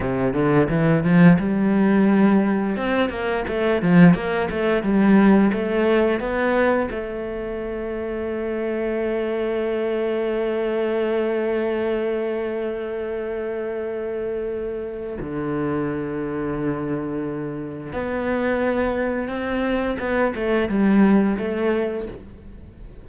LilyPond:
\new Staff \with { instrumentName = "cello" } { \time 4/4 \tempo 4 = 87 c8 d8 e8 f8 g2 | c'8 ais8 a8 f8 ais8 a8 g4 | a4 b4 a2~ | a1~ |
a1~ | a2 d2~ | d2 b2 | c'4 b8 a8 g4 a4 | }